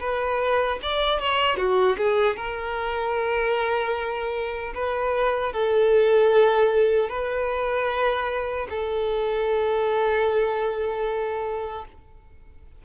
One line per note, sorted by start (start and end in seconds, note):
0.00 0.79 B4
0.83 1.20 D5
1.20 1.57 C#5
1.57 1.96 F#4
1.98 2.37 G#4
2.37 4.74 A#4
4.74 5.53 B4
5.53 7.09 A4
7.09 8.67 B4
8.70 11.86 A4